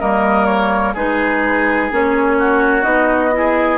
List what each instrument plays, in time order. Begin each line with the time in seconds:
0.00 bassoon G3, clarinet A#3, oboe A#4, flute D#5
0.46 flute C#5
0.94 bassoon G#3, clarinet D#4, oboe G#4, flute B4
1.91 bassoon A#3, clarinet C#4, flute C#5
2.39 oboe F#4
2.83 bassoon B3, clarinet D#4, flute D#5
3.33 clarinet E4, oboe G#4